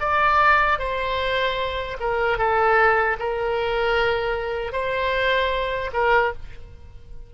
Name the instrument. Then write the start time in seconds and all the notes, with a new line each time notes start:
oboe
0.00 D5
0.79 C5
2.00 A#4
2.38 A4
3.19 A#4
4.73 C5
5.93 A#4